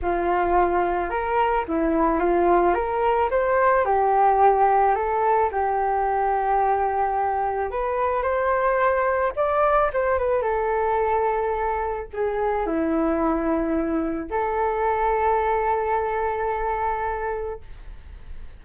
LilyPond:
\new Staff \with { instrumentName = "flute" } { \time 4/4 \tempo 4 = 109 f'2 ais'4 e'4 | f'4 ais'4 c''4 g'4~ | g'4 a'4 g'2~ | g'2 b'4 c''4~ |
c''4 d''4 c''8 b'8 a'4~ | a'2 gis'4 e'4~ | e'2 a'2~ | a'1 | }